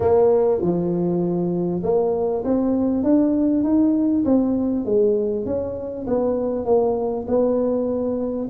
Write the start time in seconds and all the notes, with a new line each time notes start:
0.00 A#3
0.61 F3
1.83 A#3
2.44 C4
3.03 D4
3.63 D#4
4.25 C4
4.85 G#3
5.45 C#4
6.06 B3
6.65 A#3
7.27 B3